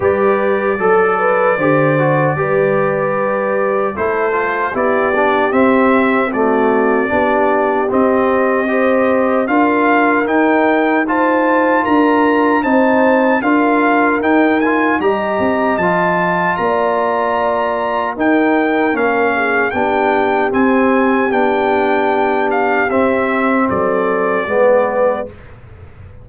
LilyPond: <<
  \new Staff \with { instrumentName = "trumpet" } { \time 4/4 \tempo 4 = 76 d''1~ | d''4 c''4 d''4 e''4 | d''2 dis''2 | f''4 g''4 a''4 ais''4 |
a''4 f''4 g''8 gis''8 ais''4 | a''4 ais''2 g''4 | f''4 g''4 gis''4 g''4~ | g''8 f''8 e''4 d''2 | }
  \new Staff \with { instrumentName = "horn" } { \time 4/4 b'4 a'8 b'8 c''4 b'4~ | b'4 a'4 g'2 | fis'4 g'2 c''4 | ais'2 c''4 ais'4 |
c''4 ais'2 dis''4~ | dis''4 d''2 ais'4~ | ais'8 gis'8 g'2.~ | g'2 a'4 b'4 | }
  \new Staff \with { instrumentName = "trombone" } { \time 4/4 g'4 a'4 g'8 fis'8 g'4~ | g'4 e'8 f'8 e'8 d'8 c'4 | a4 d'4 c'4 g'4 | f'4 dis'4 f'2 |
dis'4 f'4 dis'8 f'8 g'4 | f'2. dis'4 | cis'4 d'4 c'4 d'4~ | d'4 c'2 b4 | }
  \new Staff \with { instrumentName = "tuba" } { \time 4/4 g4 fis4 d4 g4~ | g4 a4 b4 c'4~ | c'4 b4 c'2 | d'4 dis'2 d'4 |
c'4 d'4 dis'4 g8 c'8 | f4 ais2 dis'4 | ais4 b4 c'4 b4~ | b4 c'4 fis4 gis4 | }
>>